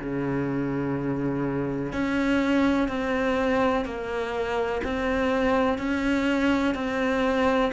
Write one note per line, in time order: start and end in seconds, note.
0.00 1.93 C#3
1.93 2.89 C#4
2.89 3.85 C4
3.85 4.82 A#3
4.84 5.78 C4
5.78 6.75 C#4
6.75 7.72 C4